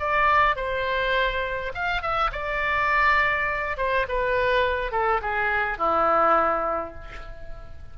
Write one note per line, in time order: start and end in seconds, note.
0.00 0.56 D5
0.56 1.73 C5
1.75 2.02 F5
2.02 2.31 E5
2.32 3.78 D5
3.78 4.07 C5
4.09 4.92 B4
4.92 5.21 A4
5.22 5.78 G#4
5.78 6.95 E4